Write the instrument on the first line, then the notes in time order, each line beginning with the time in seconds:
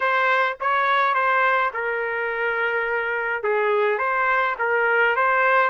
trumpet
0.00 C5
0.60 C#5
1.14 C5
1.73 A#4
3.43 G#4
3.98 C5
4.59 A#4
5.16 C5